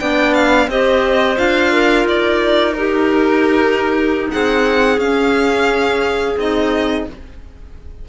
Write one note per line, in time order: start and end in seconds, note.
0.00 0.68 B3
0.00 0.69 D4
0.00 0.69 D5
0.00 0.34 G5
0.34 0.69 F5
0.68 1.37 C4
0.68 1.37 G4
0.68 1.72 C5
0.68 1.38 D#5
1.37 2.05 D4
1.37 2.74 F4
1.37 2.07 F5
1.72 2.76 A#4
2.05 4.29 D#4
2.05 2.74 D5
2.74 4.98 D#4
2.74 4.32 G4
2.74 4.29 A#4
4.32 4.98 C4
4.32 7.08 G#4
4.32 5.00 F#5
4.98 6.36 C#4
4.98 6.38 C#4
4.98 6.38 F5
6.37 7.06 C4
6.37 7.07 D#4
6.37 7.09 D#5